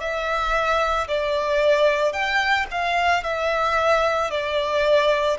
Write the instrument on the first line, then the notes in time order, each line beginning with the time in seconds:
violin
0.00 E5
1.07 D5
2.12 G5
2.71 F5
3.23 E5
4.30 D5